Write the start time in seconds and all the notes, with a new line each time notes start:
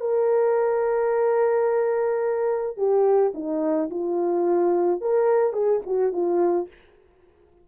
0.00 A#4
2.77 G4
3.34 D#4
3.90 F4
5.01 A#4
5.53 G#4
5.86 F#4
6.12 F4